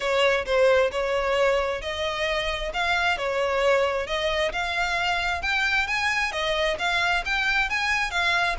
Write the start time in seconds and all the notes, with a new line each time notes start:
0.00 C#5
0.45 C5
0.91 C#5
1.81 D#5
2.73 F5
3.17 C#5
4.07 D#5
4.52 F5
5.42 G5
5.87 G#5
6.32 D#5
6.79 F5
7.25 G5
7.69 G#5
8.10 F5